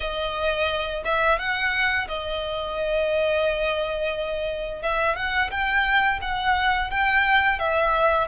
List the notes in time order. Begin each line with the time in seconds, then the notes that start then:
0.00 D#5
1.04 E5
1.38 F#5
2.08 D#5
4.82 E5
5.16 F#5
5.50 G5
6.21 F#5
6.90 G5
7.59 E5